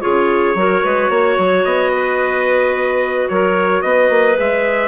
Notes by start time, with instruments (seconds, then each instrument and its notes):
0.00 bassoon C#3, clarinet F4 G#4, trumpet C#5
0.54 bassoon F#3, clarinet F#4 A#4
0.84 bassoon G#3, clarinet B4
1.09 bassoon A#3, clarinet C#5
1.37 bassoon F#3
1.64 bassoon B3, trumpet D#5
1.92 clarinet B4
3.28 bassoon F#3, clarinet A#4, trumpet C#5
3.82 bassoon B3, clarinet B4, trumpet D#5
4.09 bassoon A#3
4.34 bassoon G#3, clarinet G#4, trumpet E5